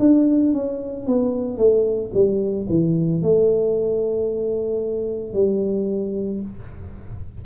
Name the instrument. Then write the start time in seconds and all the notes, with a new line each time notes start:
tuba
0.00 D4
0.54 C#4
1.07 B3
1.58 A3
2.14 G3
2.69 E3
3.23 A3
5.34 G3